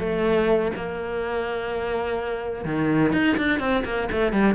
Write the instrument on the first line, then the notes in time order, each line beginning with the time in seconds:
cello
0.00 A3
0.76 A#3
2.65 D#3
3.13 D#4
3.38 D4
3.60 C4
3.85 A#3
4.12 A3
4.33 G3